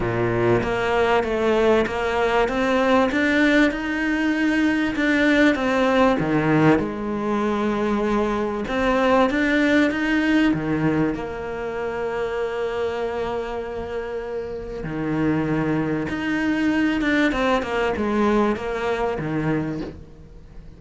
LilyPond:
\new Staff \with { instrumentName = "cello" } { \time 4/4 \tempo 4 = 97 ais,4 ais4 a4 ais4 | c'4 d'4 dis'2 | d'4 c'4 dis4 gis4~ | gis2 c'4 d'4 |
dis'4 dis4 ais2~ | ais1 | dis2 dis'4. d'8 | c'8 ais8 gis4 ais4 dis4 | }